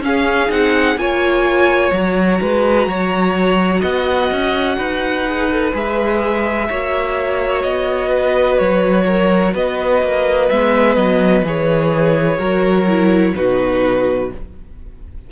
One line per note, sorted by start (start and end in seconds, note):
0.00 0.48 C#4
0.00 0.49 C#4
0.00 0.51 F5
0.06 1.00 G#4
0.49 0.96 C4
0.49 0.96 D#4
0.49 0.98 F#5
0.96 1.91 A#3
0.96 1.93 F4
0.96 2.41 C#5
0.96 1.91 G#5
1.91 2.40 F#3
1.91 5.27 F#4
1.91 3.81 A#5
2.41 2.87 G#3
2.41 2.89 B4
2.87 3.82 F#3
2.87 3.81 C#5
3.81 4.31 B3
3.81 4.76 D#5
3.81 5.73 F#5
4.31 4.78 C#4
4.78 5.73 D#4
4.78 6.68 B4
5.27 5.51 G#4
5.51 5.73 A4
5.73 6.69 G#3
5.73 6.68 G#4
5.73 7.63 E5
6.69 7.64 A#3
6.69 10.51 F#4
6.69 8.09 C#5
7.63 8.60 B3
7.63 8.58 D#5
8.09 9.04 B4
8.59 9.55 F#3
8.59 9.54 C#5
9.06 9.53 A#4
9.53 10.02 B3
9.53 12.38 B4
9.53 10.50 D#5
10.02 10.50 A#3
10.50 10.97 G#3
10.50 11.46 B3
10.50 10.95 E5
10.95 11.43 F#3
10.95 11.43 D#5
11.43 12.38 E3
11.43 12.39 G#4
11.43 13.36 C#5
12.38 13.35 F#3
12.38 12.87 F#4
12.38 13.33 A#4
12.88 13.36 E4
13.36 14.32 B2
13.36 14.31 D#4
13.36 14.32 F#4
13.36 14.31 B4